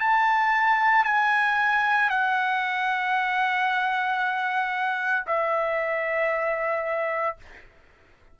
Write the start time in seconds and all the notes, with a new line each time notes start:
0.00 A5
1.05 G#5
2.10 F#5
5.27 E5